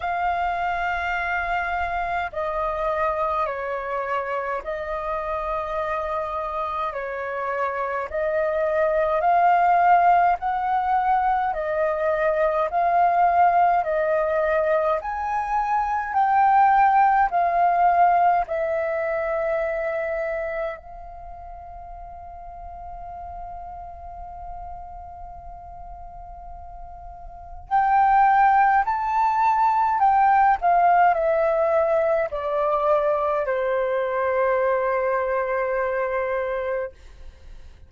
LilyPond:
\new Staff \with { instrumentName = "flute" } { \time 4/4 \tempo 4 = 52 f''2 dis''4 cis''4 | dis''2 cis''4 dis''4 | f''4 fis''4 dis''4 f''4 | dis''4 gis''4 g''4 f''4 |
e''2 f''2~ | f''1 | g''4 a''4 g''8 f''8 e''4 | d''4 c''2. | }